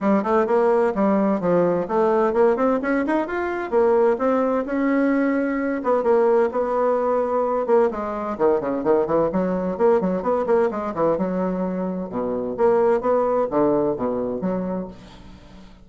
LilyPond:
\new Staff \with { instrumentName = "bassoon" } { \time 4/4 \tempo 4 = 129 g8 a8 ais4 g4 f4 | a4 ais8 c'8 cis'8 dis'8 f'4 | ais4 c'4 cis'2~ | cis'8 b8 ais4 b2~ |
b8 ais8 gis4 dis8 cis8 dis8 e8 | fis4 ais8 fis8 b8 ais8 gis8 e8 | fis2 b,4 ais4 | b4 d4 b,4 fis4 | }